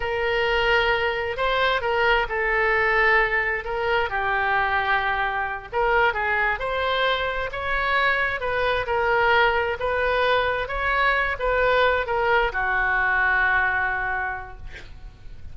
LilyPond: \new Staff \with { instrumentName = "oboe" } { \time 4/4 \tempo 4 = 132 ais'2. c''4 | ais'4 a'2. | ais'4 g'2.~ | g'8 ais'4 gis'4 c''4.~ |
c''8 cis''2 b'4 ais'8~ | ais'4. b'2 cis''8~ | cis''4 b'4. ais'4 fis'8~ | fis'1 | }